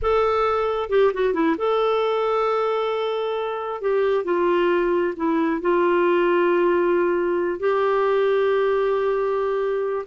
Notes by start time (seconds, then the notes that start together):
0.01 A4
0.89 G4
1.13 F#4
1.33 E4
1.57 A4
3.81 G4
4.24 F4
5.16 E4
5.61 F4
7.59 G4